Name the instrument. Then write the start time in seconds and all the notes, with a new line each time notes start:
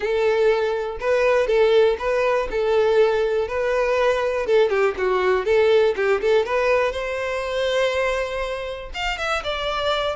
violin
0.00 A4
1.00 B4
1.47 A4
1.98 B4
2.50 A4
3.47 B4
4.46 A4
4.69 G4
4.97 F#4
5.45 A4
5.95 G4
6.21 A4
6.45 B4
6.92 C5
8.94 F5
9.18 E5
9.43 D5